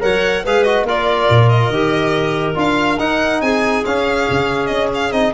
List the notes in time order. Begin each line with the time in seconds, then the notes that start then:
0.00 F#3 A#4 C#5 F#5
0.44 G#3 G#4 B4 F5
0.63 F#4 D#5
0.83 A#3 F4 A#4 D5
1.29 A#2
1.49 D#5
1.70 D#3 G4
2.55 D4 F4 F5
2.98 D#4 F#5
3.41 C4 G#4 G#5
3.85 C#4 F5
4.30 C#3
4.66 C#4 D#5
4.94 F5
5.11 C4 D#4 D#5